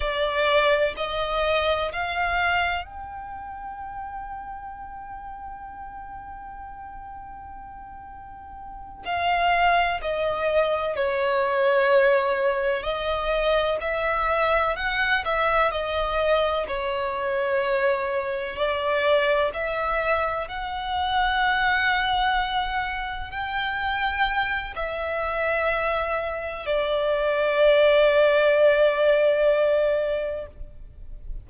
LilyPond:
\new Staff \with { instrumentName = "violin" } { \time 4/4 \tempo 4 = 63 d''4 dis''4 f''4 g''4~ | g''1~ | g''4. f''4 dis''4 cis''8~ | cis''4. dis''4 e''4 fis''8 |
e''8 dis''4 cis''2 d''8~ | d''8 e''4 fis''2~ fis''8~ | fis''8 g''4. e''2 | d''1 | }